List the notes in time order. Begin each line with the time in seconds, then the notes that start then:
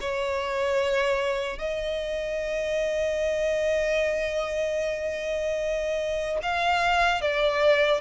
0.00 C#5
1.58 D#5
6.42 F5
7.21 D5